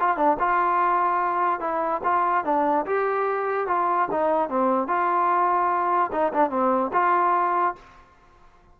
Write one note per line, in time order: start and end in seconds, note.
0.00 0.17 F4
0.17 0.37 D4
0.39 1.60 F4
1.60 2.01 E4
2.04 2.44 F4
2.44 2.85 D4
2.86 3.67 G4
3.67 4.08 F4
4.11 4.49 D#4
4.49 4.88 C4
4.88 6.11 F4
6.12 6.33 D#4
6.33 6.50 D4
6.50 6.91 C4
6.93 7.75 F4